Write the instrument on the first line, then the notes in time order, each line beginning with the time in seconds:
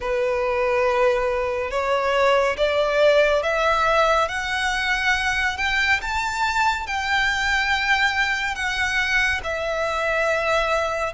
violin
0.00 B4
1.70 C#5
2.57 D5
3.42 E5
4.28 F#5
5.57 G5
6.01 A5
6.86 G5
8.55 F#5
9.43 E5